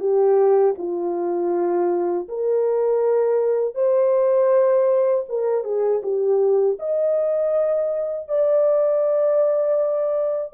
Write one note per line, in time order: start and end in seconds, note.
0.00 0.75 G4
0.78 2.28 F4
2.29 3.75 A#4
3.75 5.25 C5
5.29 5.64 A#4
5.64 6.02 G#4
6.03 6.78 G4
6.79 8.29 D#5
8.29 10.54 D5